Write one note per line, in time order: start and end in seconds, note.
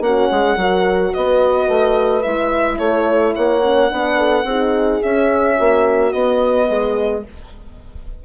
0.00 0.28 A#3
0.00 0.57 C#4
0.00 0.30 F#4
0.00 1.13 F#5
0.30 0.56 G#3
0.30 0.57 G#4
0.56 1.12 F#3
0.56 2.24 F#4
0.56 1.12 A#4
1.13 1.67 B3
1.13 2.79 B4
1.13 2.22 D#5
1.67 2.23 A3
2.22 2.78 G#3
2.22 3.62 E4
2.22 2.78 E5
2.78 3.34 A3
2.78 3.33 A4
2.78 3.33 C#5
3.33 3.91 A#3
3.33 3.89 C#5
3.33 5.02 F#5
3.62 3.89 C#4
3.89 4.44 B3
3.89 4.45 D4
3.89 4.18 B4
4.18 4.45 A4
4.44 4.99 C4
4.44 5.02 D#4
4.44 5.56 G#4
5.02 6.12 C#4
5.02 5.59 C#4
5.02 6.12 E5
5.56 6.13 A#3
5.56 6.67 F#4
6.12 7.23 B3
6.12 6.69 B3
6.12 7.23 D#5
6.68 7.25 G#3
6.68 7.24 G#4